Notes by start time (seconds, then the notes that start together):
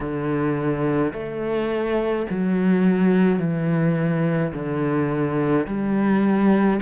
0.00 D3
1.13 A3
2.30 F#3
3.39 E3
4.53 D3
5.67 G3